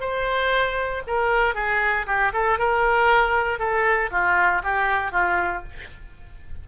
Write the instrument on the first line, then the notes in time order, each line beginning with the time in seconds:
oboe
0.00 C5
1.07 A#4
1.55 G#4
2.06 G4
2.33 A4
2.58 A#4
3.59 A4
4.11 F4
4.63 G4
5.11 F4